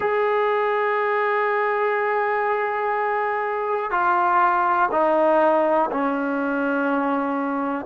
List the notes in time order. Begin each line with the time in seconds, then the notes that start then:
0.00 G#4
3.91 F4
4.91 D#4
5.91 C#4